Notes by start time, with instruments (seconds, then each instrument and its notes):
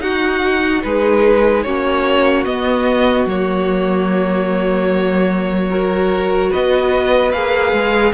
0.00 cello D#4, viola D#4, violin F#4 F#5
0.84 cello G#3, violin G#4 B4
1.63 cello A#3, viola C#4, violin F#4 C#5
2.45 viola B3, cello B3, violin D#5
3.26 cello F#3, viola A#3, violin C#5
5.70 viola F#4, violin A#4
6.51 cello B3, violin B4 D#5
7.32 cello A#3, viola G#4, violin F5
7.72 cello G#3